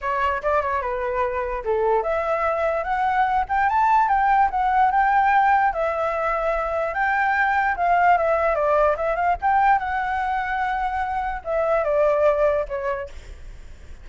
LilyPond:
\new Staff \with { instrumentName = "flute" } { \time 4/4 \tempo 4 = 147 cis''4 d''8 cis''8 b'2 | a'4 e''2 fis''4~ | fis''8 g''8 a''4 g''4 fis''4 | g''2 e''2~ |
e''4 g''2 f''4 | e''4 d''4 e''8 f''8 g''4 | fis''1 | e''4 d''2 cis''4 | }